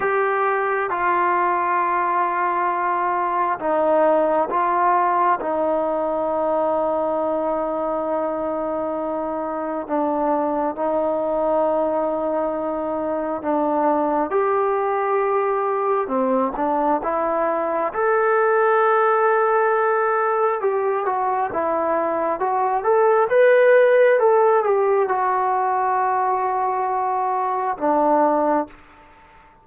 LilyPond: \new Staff \with { instrumentName = "trombone" } { \time 4/4 \tempo 4 = 67 g'4 f'2. | dis'4 f'4 dis'2~ | dis'2. d'4 | dis'2. d'4 |
g'2 c'8 d'8 e'4 | a'2. g'8 fis'8 | e'4 fis'8 a'8 b'4 a'8 g'8 | fis'2. d'4 | }